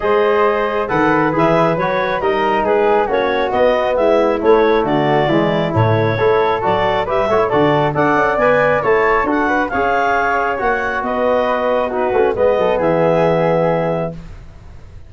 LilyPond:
<<
  \new Staff \with { instrumentName = "clarinet" } { \time 4/4 \tempo 4 = 136 dis''2 fis''4 e''4 | cis''4 dis''4 b'4 cis''4 | dis''4 e''4 cis''4 d''4~ | d''4 cis''2 d''4 |
e''4 d''4 fis''4 gis''4 | a''4 fis''4 f''2 | fis''4 dis''2 b'4 | dis''4 e''2. | }
  \new Staff \with { instrumentName = "flute" } { \time 4/4 c''2 b'2~ | b'4 ais'4 gis'4 fis'4~ | fis'4 e'2 fis'4 | e'2 a'2 |
b'8 cis''8 a'4 d''2 | cis''4 a'8 b'8 cis''2~ | cis''4 b'2 fis'4 | b'8 a'8 gis'2. | }
  \new Staff \with { instrumentName = "trombone" } { \time 4/4 gis'2 a'4 gis'4 | fis'4 dis'2 cis'4 | b2 a2 | gis4 a4 e'4 fis'4 |
g'8 fis'16 e'16 fis'4 a'4 b'4 | e'4 fis'4 gis'2 | fis'2. dis'8 cis'8 | b1 | }
  \new Staff \with { instrumentName = "tuba" } { \time 4/4 gis2 dis4 e4 | fis4 g4 gis4 ais4 | b4 gis4 a4 d4 | e4 a,4 a4 fis4 |
g8 a8 d4 d'8 cis'8 b4 | a4 d'4 cis'2 | ais4 b2~ b8 a8 | gis8 fis8 e2. | }
>>